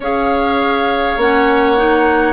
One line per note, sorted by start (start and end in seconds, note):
0.00 1.16 C#4
0.00 1.20 G#4
0.00 2.32 C#5
0.00 1.20 F5
1.16 2.32 A#3
1.16 1.77 C#4
1.16 2.32 F#5
1.77 2.32 D#4